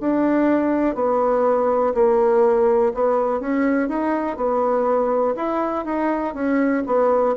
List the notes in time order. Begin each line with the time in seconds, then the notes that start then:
0.00 D4
0.95 B3
1.94 A#3
2.94 B3
3.40 C#4
3.89 D#4
4.37 B3
5.36 E4
5.85 D#4
6.34 C#4
6.86 B3